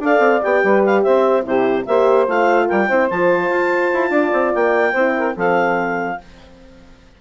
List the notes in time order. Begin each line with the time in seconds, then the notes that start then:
0.00 D4 A4 D5 F5
0.19 C4
0.42 B3 G4 G5
0.63 G3 B4
0.86 F5
1.03 C4 C5 E5
1.43 C3 E4 G4 C5
1.86 A#3 G4 C5 E5
2.28 A3 F4 F5
2.67 G3 A#4 G5
2.88 C4 E4 C5
3.10 F3 F4 A5
3.50 F4
3.94 E4
4.11 D4 D5
4.33 C4
4.55 A#3 G5
4.92 C4 E4 C5
5.18 A#4
5.35 F3 C4 A4 F5